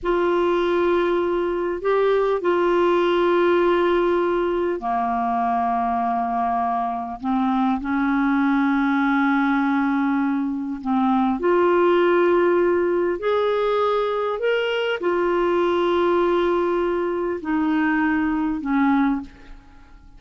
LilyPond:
\new Staff \with { instrumentName = "clarinet" } { \time 4/4 \tempo 4 = 100 f'2. g'4 | f'1 | ais1 | c'4 cis'2.~ |
cis'2 c'4 f'4~ | f'2 gis'2 | ais'4 f'2.~ | f'4 dis'2 cis'4 | }